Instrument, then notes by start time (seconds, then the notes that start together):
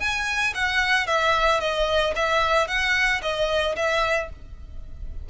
violin
0.00 G#5
0.54 F#5
1.07 E5
1.60 D#5
2.16 E5
2.67 F#5
3.22 D#5
3.76 E5